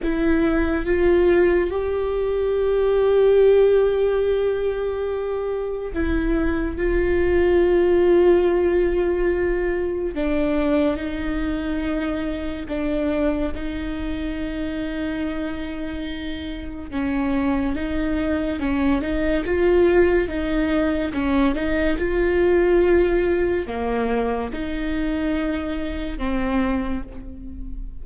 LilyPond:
\new Staff \with { instrumentName = "viola" } { \time 4/4 \tempo 4 = 71 e'4 f'4 g'2~ | g'2. e'4 | f'1 | d'4 dis'2 d'4 |
dis'1 | cis'4 dis'4 cis'8 dis'8 f'4 | dis'4 cis'8 dis'8 f'2 | ais4 dis'2 c'4 | }